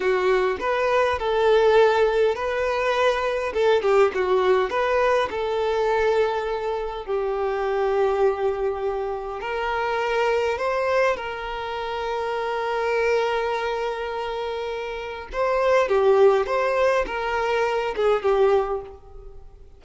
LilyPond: \new Staff \with { instrumentName = "violin" } { \time 4/4 \tempo 4 = 102 fis'4 b'4 a'2 | b'2 a'8 g'8 fis'4 | b'4 a'2. | g'1 |
ais'2 c''4 ais'4~ | ais'1~ | ais'2 c''4 g'4 | c''4 ais'4. gis'8 g'4 | }